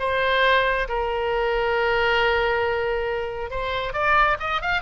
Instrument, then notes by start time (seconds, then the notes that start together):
oboe
0.00 C5
0.89 A#4
3.51 C5
3.93 D5
4.40 D#5
4.62 F5